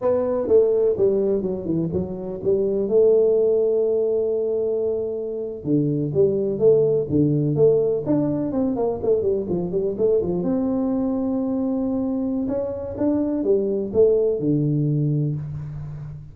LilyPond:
\new Staff \with { instrumentName = "tuba" } { \time 4/4 \tempo 4 = 125 b4 a4 g4 fis8 e8 | fis4 g4 a2~ | a2.~ a8. d16~ | d8. g4 a4 d4 a16~ |
a8. d'4 c'8 ais8 a8 g8 f16~ | f16 g8 a8 f8 c'2~ c'16~ | c'2 cis'4 d'4 | g4 a4 d2 | }